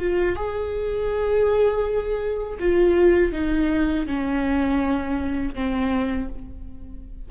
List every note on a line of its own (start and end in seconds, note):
0.00 0.36 F4
0.36 2.59 G#4
2.60 3.33 F4
3.33 4.07 D#4
4.07 5.55 C#4
5.55 6.29 C4